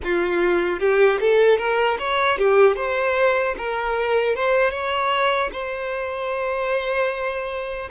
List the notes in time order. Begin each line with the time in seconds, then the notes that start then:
0.03 F4
0.79 G4
1.20 A4
1.58 A#4
1.98 C#5
2.38 G4
2.76 C5
3.57 A#4
4.35 C5
4.70 C#5
5.52 C5